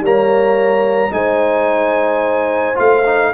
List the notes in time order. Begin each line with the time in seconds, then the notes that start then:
0.00 G3 A#3 C#5 A#5
1.10 G#3 D#4 C5 G#5
2.75 A3 F4 F5
3.05 D#4